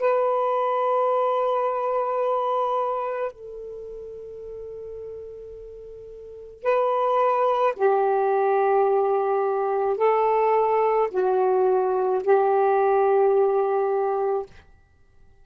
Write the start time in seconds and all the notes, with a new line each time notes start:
0.00 B4
3.32 A4
6.63 B4
7.77 G4
9.98 A4
11.12 F#4
12.24 G4